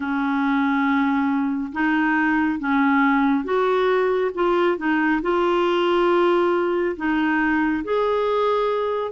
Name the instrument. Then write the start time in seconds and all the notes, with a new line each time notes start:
clarinet
0.00 C#4
1.72 D#4
2.59 C#4
3.44 F#4
4.34 F4
4.77 D#4
5.22 F4
6.96 D#4
7.83 G#4